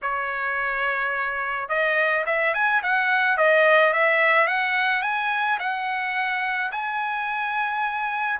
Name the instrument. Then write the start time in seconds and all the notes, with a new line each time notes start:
trumpet
0.02 C#5
1.68 D#5
2.26 E5
2.54 G#5
2.82 F#5
3.37 D#5
3.93 E5
4.47 F#5
5.02 G#5
5.59 F#5
6.71 G#5